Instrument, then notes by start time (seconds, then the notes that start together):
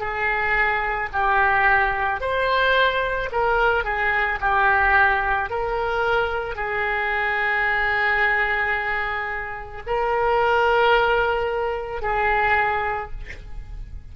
oboe
0.00 G#4
1.13 G4
2.21 C5
3.32 A#4
3.85 G#4
4.41 G4
5.50 A#4
6.56 G#4
9.87 A#4
12.02 G#4